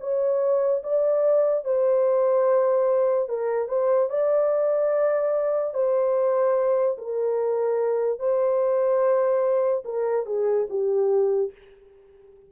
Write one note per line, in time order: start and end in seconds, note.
0.00 0.82 C#5
0.83 1.64 D5
1.64 3.29 C5
3.29 3.68 A#4
3.68 4.09 C5
4.10 5.74 D5
5.74 6.98 C5
6.98 8.19 A#4
8.19 9.84 C5
9.85 10.26 A#4
10.26 10.67 G#4
10.70 11.52 G4